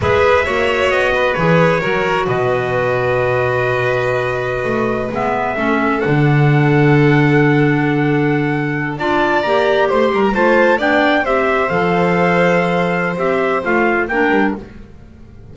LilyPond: <<
  \new Staff \with { instrumentName = "trumpet" } { \time 4/4 \tempo 4 = 132 e''2 dis''4 cis''4~ | cis''4 dis''2.~ | dis''2.~ dis''16 e''8.~ | e''4~ e''16 fis''2~ fis''8.~ |
fis''2.~ fis''8. a''16~ | a''8. ais''4 c'''8. ais''16 a''4 g''16~ | g''8. e''4 f''2~ f''16~ | f''4 e''4 f''4 g''4 | }
  \new Staff \with { instrumentName = "violin" } { \time 4/4 b'4 cis''4. b'4. | ais'4 b'2.~ | b'1~ | b'16 a'2.~ a'8.~ |
a'2.~ a'8. d''16~ | d''4.~ d''16 c''8 ais'8 c''4 d''16~ | d''8. c''2.~ c''16~ | c''2. ais'4 | }
  \new Staff \with { instrumentName = "clarinet" } { \time 4/4 gis'4 fis'2 gis'4 | fis'1~ | fis'2.~ fis'16 b8.~ | b16 cis'4 d'2~ d'8.~ |
d'2.~ d'8. f'16~ | f'8. g'2 f'4 d'16~ | d'8. g'4 a'2~ a'16~ | a'4 g'4 f'4 d'4 | }
  \new Staff \with { instrumentName = "double bass" } { \time 4/4 gis4 ais4 b4 e4 | fis4 b,2.~ | b,2~ b,16 a4 gis8.~ | gis16 a4 d2~ d8.~ |
d2.~ d8. d'16~ | d'8. ais4 a8 g8 a4 b16~ | b8. c'4 f2~ f16~ | f4 c'4 a4 ais8 g8 | }
>>